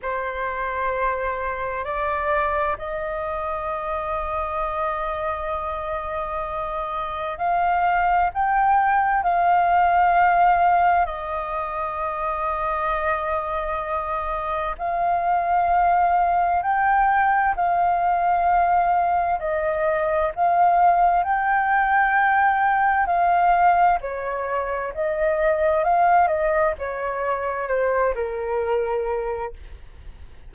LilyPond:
\new Staff \with { instrumentName = "flute" } { \time 4/4 \tempo 4 = 65 c''2 d''4 dis''4~ | dis''1 | f''4 g''4 f''2 | dis''1 |
f''2 g''4 f''4~ | f''4 dis''4 f''4 g''4~ | g''4 f''4 cis''4 dis''4 | f''8 dis''8 cis''4 c''8 ais'4. | }